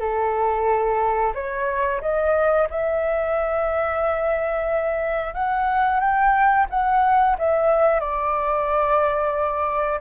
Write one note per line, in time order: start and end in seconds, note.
0.00 1.33 A4
1.35 2.01 C#5
2.01 2.68 D#5
2.70 5.34 E5
5.34 6.00 F#5
6.00 6.67 G5
6.70 7.37 F#5
7.38 8.00 E5
8.00 10.00 D5